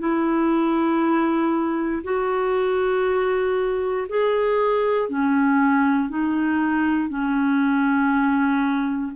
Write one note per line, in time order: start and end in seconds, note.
0.00 2.03 E4
2.04 4.08 F#4
4.10 5.09 G#4
5.09 6.10 C#4
6.10 7.09 D#4
7.09 9.12 C#4